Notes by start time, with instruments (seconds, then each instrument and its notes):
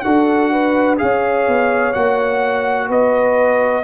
0.00 tuba D4, trombone F#4, horn A4, trumpet F#5
0.52 horn B4
0.98 tuba C#4, trombone G#4, horn C#5, trumpet F5
1.47 tuba B3
1.93 tuba A#3, trombone F#4, trumpet F#5
2.88 tuba B3, horn B4, trumpet D#5